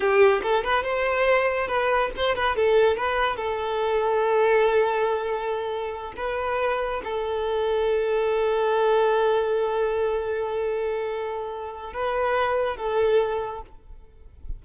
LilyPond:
\new Staff \with { instrumentName = "violin" } { \time 4/4 \tempo 4 = 141 g'4 a'8 b'8 c''2 | b'4 c''8 b'8 a'4 b'4 | a'1~ | a'2~ a'8 b'4.~ |
b'8 a'2.~ a'8~ | a'1~ | a'1 | b'2 a'2 | }